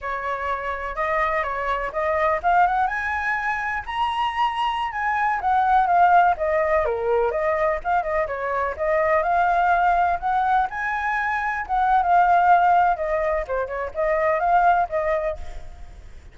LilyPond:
\new Staff \with { instrumentName = "flute" } { \time 4/4 \tempo 4 = 125 cis''2 dis''4 cis''4 | dis''4 f''8 fis''8 gis''2 | ais''2~ ais''16 gis''4 fis''8.~ | fis''16 f''4 dis''4 ais'4 dis''8.~ |
dis''16 f''8 dis''8 cis''4 dis''4 f''8.~ | f''4~ f''16 fis''4 gis''4.~ gis''16~ | gis''16 fis''8. f''2 dis''4 | c''8 cis''8 dis''4 f''4 dis''4 | }